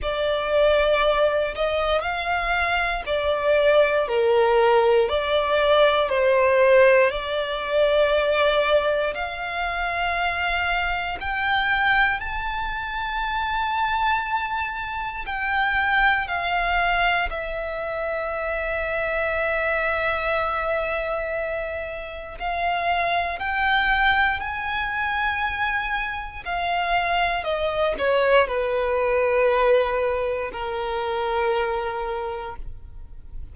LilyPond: \new Staff \with { instrumentName = "violin" } { \time 4/4 \tempo 4 = 59 d''4. dis''8 f''4 d''4 | ais'4 d''4 c''4 d''4~ | d''4 f''2 g''4 | a''2. g''4 |
f''4 e''2.~ | e''2 f''4 g''4 | gis''2 f''4 dis''8 cis''8 | b'2 ais'2 | }